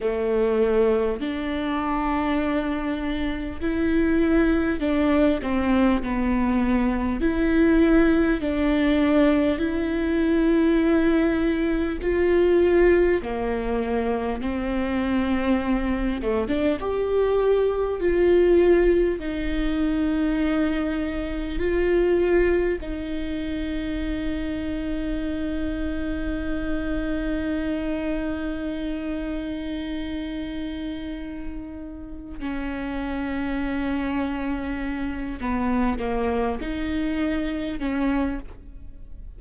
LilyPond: \new Staff \with { instrumentName = "viola" } { \time 4/4 \tempo 4 = 50 a4 d'2 e'4 | d'8 c'8 b4 e'4 d'4 | e'2 f'4 ais4 | c'4. a16 d'16 g'4 f'4 |
dis'2 f'4 dis'4~ | dis'1~ | dis'2. cis'4~ | cis'4. b8 ais8 dis'4 cis'8 | }